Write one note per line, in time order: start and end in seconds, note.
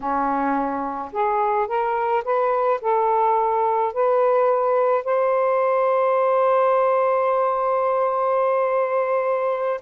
0.00 1.11 C#4
1.12 1.67 G#4
1.67 2.23 A#4
2.24 2.80 B4
2.81 3.93 A4
3.93 5.04 B4
5.04 9.81 C5